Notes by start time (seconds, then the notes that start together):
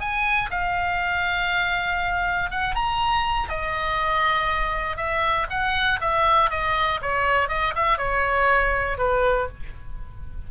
0.00 G#5
0.51 F5
2.51 F#5
2.75 A#5
3.49 D#5
4.97 E5
5.50 F#5
6.01 E5
6.50 D#5
7.02 C#5
7.49 D#5
7.76 E5
7.98 C#5
8.98 B4